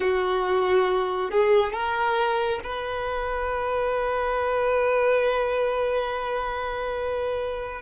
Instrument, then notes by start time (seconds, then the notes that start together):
violin
0.00 F#4
1.30 G#4
1.72 A#4
2.63 B4